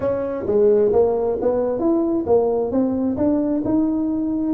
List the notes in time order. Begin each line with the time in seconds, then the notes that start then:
0.00 C#4
0.46 G#3
0.92 A#3
1.41 B3
1.79 E4
2.26 A#3
2.71 C4
3.16 D4
3.64 D#4